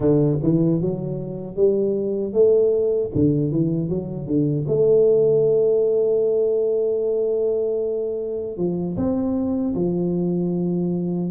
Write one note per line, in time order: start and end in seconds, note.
0.00 0.38 D3
0.43 0.81 E3
0.81 1.55 F#3
1.55 2.33 G3
2.33 3.11 A3
3.14 3.51 D3
3.51 3.89 E3
3.89 4.26 F#3
4.26 4.65 D3
4.67 8.57 A3
8.57 8.96 F3
8.96 9.74 C4
9.75 11.30 F3